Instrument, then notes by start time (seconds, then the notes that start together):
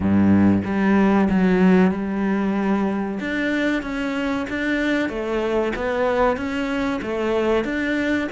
cello
0.00 G2
0.64 G3
1.29 F#3
1.91 G3
3.20 D4
3.82 C#4
4.49 D4
5.09 A3
5.75 B3
6.36 C#4
7.02 A3
7.64 D4